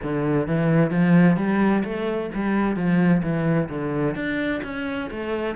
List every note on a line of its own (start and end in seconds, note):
0.03 0.47 D3
0.47 0.90 E3
0.90 1.36 F3
1.36 1.83 G3
1.84 2.30 A3
2.34 2.76 G3
2.76 3.22 F3
3.22 3.68 E3
3.69 4.15 D3
4.15 4.61 D4
4.63 5.09 C#4
5.10 5.56 A3